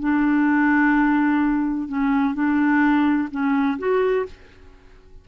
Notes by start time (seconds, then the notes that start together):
0.00 D4
1.89 C#4
2.35 D4
3.31 C#4
3.79 F#4